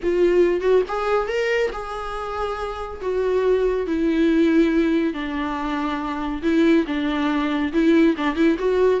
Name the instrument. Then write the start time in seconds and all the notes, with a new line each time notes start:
viola
0.03 F4
0.60 F#4
0.87 G#4
1.28 A#4
1.72 G#4
3.01 F#4
3.86 E4
5.13 D4
6.42 E4
6.86 D4
7.72 E4
8.17 D4
8.35 E4
8.58 F#4